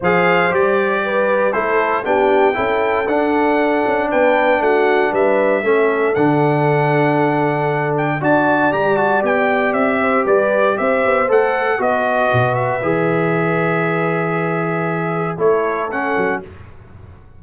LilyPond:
<<
  \new Staff \with { instrumentName = "trumpet" } { \time 4/4 \tempo 4 = 117 f''4 d''2 c''4 | g''2 fis''2 | g''4 fis''4 e''2 | fis''2.~ fis''8 g''8 |
a''4 ais''8 a''8 g''4 e''4 | d''4 e''4 fis''4 dis''4~ | dis''8 e''2.~ e''8~ | e''2 cis''4 fis''4 | }
  \new Staff \with { instrumentName = "horn" } { \time 4/4 c''2 b'4 a'4 | g'4 a'2. | b'4 fis'4 b'4 a'4~ | a'1 |
d''2.~ d''8 c''8 | b'4 c''2 b'4~ | b'1~ | b'2 a'2 | }
  \new Staff \with { instrumentName = "trombone" } { \time 4/4 gis'4 g'2 e'4 | d'4 e'4 d'2~ | d'2. cis'4 | d'1 |
fis'4 g'8 fis'8 g'2~ | g'2 a'4 fis'4~ | fis'4 gis'2.~ | gis'2 e'4 cis'4 | }
  \new Staff \with { instrumentName = "tuba" } { \time 4/4 f4 g2 a4 | b4 cis'4 d'4. cis'8 | b4 a4 g4 a4 | d1 |
d'4 g4 b4 c'4 | g4 c'8 b8 a4 b4 | b,4 e2.~ | e2 a4. fis8 | }
>>